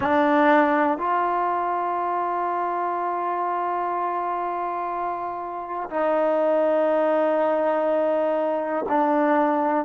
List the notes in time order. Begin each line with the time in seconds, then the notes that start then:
0.00 D4
0.97 F4
5.90 D#4
8.88 D4